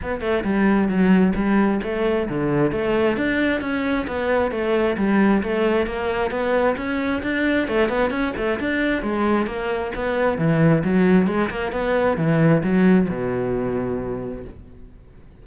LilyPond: \new Staff \with { instrumentName = "cello" } { \time 4/4 \tempo 4 = 133 b8 a8 g4 fis4 g4 | a4 d4 a4 d'4 | cis'4 b4 a4 g4 | a4 ais4 b4 cis'4 |
d'4 a8 b8 cis'8 a8 d'4 | gis4 ais4 b4 e4 | fis4 gis8 ais8 b4 e4 | fis4 b,2. | }